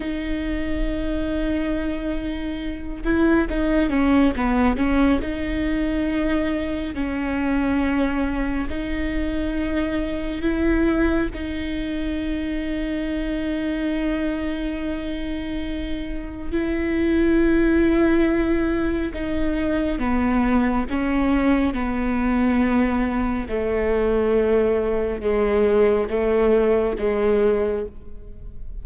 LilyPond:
\new Staff \with { instrumentName = "viola" } { \time 4/4 \tempo 4 = 69 dis'2.~ dis'8 e'8 | dis'8 cis'8 b8 cis'8 dis'2 | cis'2 dis'2 | e'4 dis'2.~ |
dis'2. e'4~ | e'2 dis'4 b4 | cis'4 b2 a4~ | a4 gis4 a4 gis4 | }